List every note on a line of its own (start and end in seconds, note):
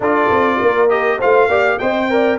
0.00 0.29 D4
0.00 0.89 F4
0.00 0.60 A4
0.00 0.89 D5
0.30 0.60 C4
0.60 1.21 A#3
0.60 1.18 A#4
0.89 1.19 G4
0.89 1.19 D#5
1.18 1.48 A3
1.18 1.49 F4
1.18 1.48 C5
1.18 1.78 F5
1.48 1.78 A#3
1.48 1.79 G4
1.48 1.78 D5
1.78 2.39 C4
1.78 2.10 C5
1.78 2.09 D#5
1.78 2.38 G5
2.10 2.39 A#4
2.10 2.39 D5